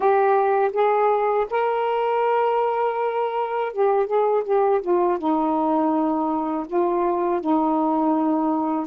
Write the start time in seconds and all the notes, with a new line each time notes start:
0.00 G4
0.72 G#4
1.50 A#4
3.72 G4
4.06 G#4
4.44 G4
4.81 F4
5.18 D#4
6.67 F4
7.40 D#4